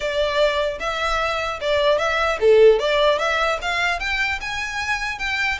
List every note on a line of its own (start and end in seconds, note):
0.00 0.78 D5
0.79 1.59 E5
1.60 1.98 D5
1.98 2.38 E5
2.40 2.79 A4
2.79 3.19 D5
3.19 3.59 E5
3.61 3.99 F5
3.99 4.39 G5
4.40 5.19 G#5
5.19 5.59 G5